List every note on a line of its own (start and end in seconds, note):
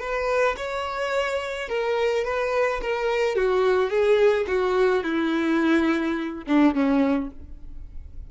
0.00 0.56 B4
0.57 1.68 C#5
1.68 2.25 A#4
2.25 2.81 B4
2.82 3.36 A#4
3.36 3.90 F#4
3.90 4.46 G#4
4.48 5.04 F#4
5.04 6.44 E4
6.47 6.74 D4
6.74 7.30 C#4